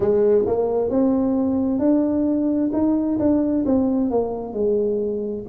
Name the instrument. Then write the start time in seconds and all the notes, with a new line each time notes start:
tuba
0.00 G#3
0.46 A#3
0.90 C4
1.79 D4
2.72 D#4
3.19 D4
3.65 C4
4.10 A#3
4.53 G#3